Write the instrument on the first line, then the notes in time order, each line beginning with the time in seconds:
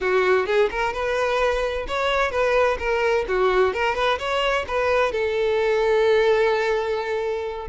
violin
0.00 F#4
0.46 G#4
0.70 A#4
0.93 B4
1.87 C#5
2.31 B4
2.78 A#4
3.28 F#4
3.73 A#4
3.95 B4
4.18 C#5
4.67 B4
5.11 A4